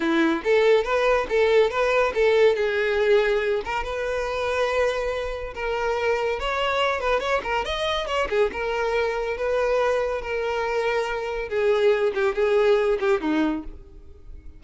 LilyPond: \new Staff \with { instrumentName = "violin" } { \time 4/4 \tempo 4 = 141 e'4 a'4 b'4 a'4 | b'4 a'4 gis'2~ | gis'8 ais'8 b'2.~ | b'4 ais'2 cis''4~ |
cis''8 b'8 cis''8 ais'8 dis''4 cis''8 gis'8 | ais'2 b'2 | ais'2. gis'4~ | gis'8 g'8 gis'4. g'8 dis'4 | }